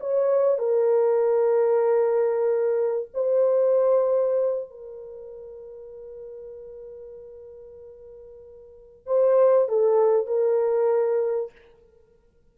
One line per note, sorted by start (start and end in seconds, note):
0.00 0.59 C#5
0.59 3.09 A#4
3.14 4.70 C5
4.70 9.07 A#4
9.07 9.69 C5
9.69 10.27 A4
10.27 11.52 A#4